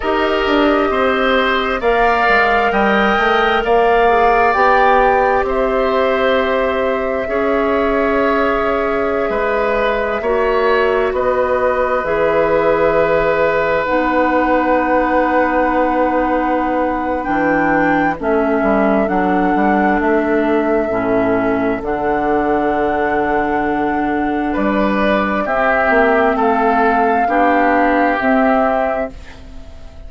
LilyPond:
<<
  \new Staff \with { instrumentName = "flute" } { \time 4/4 \tempo 4 = 66 dis''2 f''4 g''4 | f''4 g''4 e''2~ | e''1~ | e''16 dis''4 e''2 fis''8.~ |
fis''2. g''4 | e''4 fis''4 e''2 | fis''2. d''4 | e''4 f''2 e''4 | }
  \new Staff \with { instrumentName = "oboe" } { \time 4/4 ais'4 c''4 d''4 dis''4 | d''2 c''2 | cis''2~ cis''16 b'4 cis''8.~ | cis''16 b'2.~ b'8.~ |
b'1 | a'1~ | a'2. b'4 | g'4 a'4 g'2 | }
  \new Staff \with { instrumentName = "clarinet" } { \time 4/4 g'2 ais'2~ | ais'8 gis'8 g'2. | gis'2.~ gis'16 fis'8.~ | fis'4~ fis'16 gis'2 dis'8.~ |
dis'2. d'4 | cis'4 d'2 cis'4 | d'1 | c'2 d'4 c'4 | }
  \new Staff \with { instrumentName = "bassoon" } { \time 4/4 dis'8 d'8 c'4 ais8 gis8 g8 a8 | ais4 b4 c'2 | cis'2~ cis'16 gis4 ais8.~ | ais16 b4 e2 b8.~ |
b2. e4 | a8 g8 fis8 g8 a4 a,4 | d2. g4 | c'8 ais8 a4 b4 c'4 | }
>>